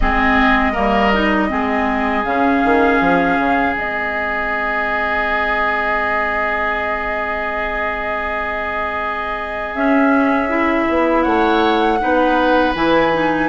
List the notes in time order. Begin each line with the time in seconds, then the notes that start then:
0.00 G#3 C4 G#4 D#5
0.72 G3 A#3 A#4
1.13 D#4
1.48 G#3 C4 G#4
2.24 C#3 C#4 F5
2.64 D#3
3.00 F3
3.38 C#3
3.74 G#3 C4 D#5
9.73 C#4 E5
10.48 E4
10.88 B3
11.23 A3 C#5 F#5
12.00 B3 D#4 B4
12.74 E3 E4 G#5
13.12 D#4